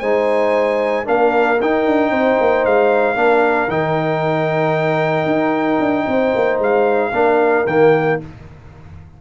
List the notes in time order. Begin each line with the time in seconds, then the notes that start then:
0.00 G#3 D#4 C5 G#5
1.05 A#3 D4 A#4 F5
1.61 D#4 G5
1.87 D4
2.11 C4 C5
2.41 A#3
2.66 G#3 F5
3.15 A#3 D4 A#4
3.68 D#3 D#4 G5
5.26 D#4
5.80 D4
6.06 C4 C5
6.35 A#3
6.59 G#3 F5
7.12 A#3 D4 A#4
7.67 D#3 A#3 G5